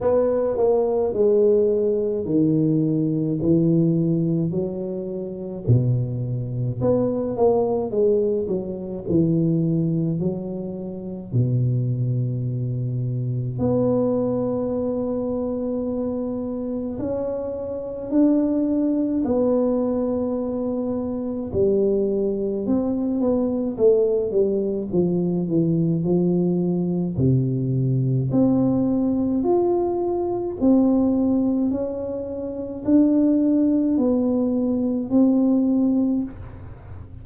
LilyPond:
\new Staff \with { instrumentName = "tuba" } { \time 4/4 \tempo 4 = 53 b8 ais8 gis4 dis4 e4 | fis4 b,4 b8 ais8 gis8 fis8 | e4 fis4 b,2 | b2. cis'4 |
d'4 b2 g4 | c'8 b8 a8 g8 f8 e8 f4 | c4 c'4 f'4 c'4 | cis'4 d'4 b4 c'4 | }